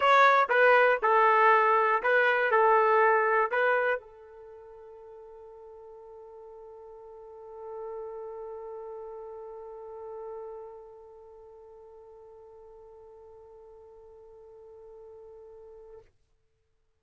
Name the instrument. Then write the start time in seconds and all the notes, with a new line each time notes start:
trumpet
0.00 C#5
0.49 B4
1.02 A4
2.02 B4
2.51 A4
3.51 B4
4.00 A4